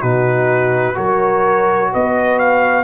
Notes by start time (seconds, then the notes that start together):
0.00 B2 D#4 F#4 B4
0.94 F#3 F#4 A#4 C#5
1.92 B3 B4 D#5
2.39 F5